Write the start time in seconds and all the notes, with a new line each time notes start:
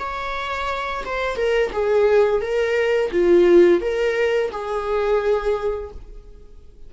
0.00 C#5
1.06 C5
1.37 A#4
1.73 G#4
2.42 A#4
3.12 F4
3.82 A#4
4.52 G#4